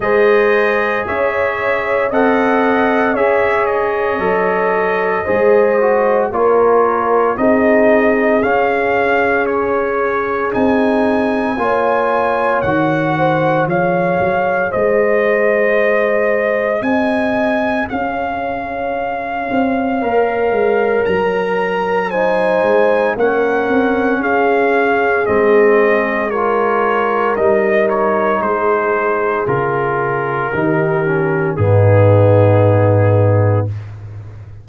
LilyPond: <<
  \new Staff \with { instrumentName = "trumpet" } { \time 4/4 \tempo 4 = 57 dis''4 e''4 fis''4 e''8 dis''8~ | dis''2 cis''4 dis''4 | f''4 cis''4 gis''2 | fis''4 f''4 dis''2 |
gis''4 f''2. | ais''4 gis''4 fis''4 f''4 | dis''4 cis''4 dis''8 cis''8 c''4 | ais'2 gis'2 | }
  \new Staff \with { instrumentName = "horn" } { \time 4/4 c''4 cis''4 dis''4 cis''4~ | cis''4 c''4 ais'4 gis'4~ | gis'2. cis''4~ | cis''8 c''8 cis''4 c''2 |
dis''4 cis''2.~ | cis''4 c''4 ais'4 gis'4~ | gis'4 ais'2 gis'4~ | gis'4 g'4 dis'2 | }
  \new Staff \with { instrumentName = "trombone" } { \time 4/4 gis'2 a'4 gis'4 | a'4 gis'8 fis'8 f'4 dis'4 | cis'2 dis'4 f'4 | fis'4 gis'2.~ |
gis'2. ais'4~ | ais'4 dis'4 cis'2 | c'4 f'4 dis'2 | f'4 dis'8 cis'8 b2 | }
  \new Staff \with { instrumentName = "tuba" } { \time 4/4 gis4 cis'4 c'4 cis'4 | fis4 gis4 ais4 c'4 | cis'2 c'4 ais4 | dis4 f8 fis8 gis2 |
c'4 cis'4. c'8 ais8 gis8 | fis4. gis8 ais8 c'8 cis'4 | gis2 g4 gis4 | cis4 dis4 gis,2 | }
>>